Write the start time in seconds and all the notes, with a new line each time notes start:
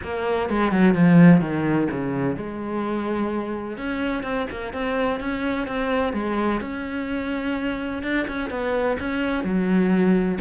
0.03 A#3
0.49 G#3
0.71 F#3
0.94 F3
1.40 D#3
1.90 C#3
2.36 G#3
3.77 C#4
4.23 C4
4.50 A#3
4.73 C4
5.19 C#4
5.67 C4
6.13 G#3
6.61 C#4
8.03 D4
8.27 C#4
8.50 B3
8.99 C#4
9.44 F#3